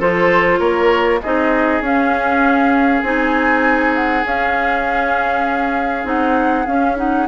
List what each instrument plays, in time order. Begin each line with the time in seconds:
0.00 bassoon F3, clarinet F4, oboe A4, flute C5
0.60 bassoon A#3, oboe A#4, flute C#5
1.22 bassoon C4, clarinet D#4, oboe G#4, flute D#5
1.81 bassoon C#4, clarinet C#4, flute F5
3.03 bassoon C4, clarinet D#4, flute G#5
3.95 flute F#5
4.25 bassoon C#4, clarinet C#4, flute F5
6.05 bassoon C4, clarinet D#4, flute F#5
6.67 bassoon C#4, clarinet C#4, flute F5
6.97 clarinet D#4, flute F#5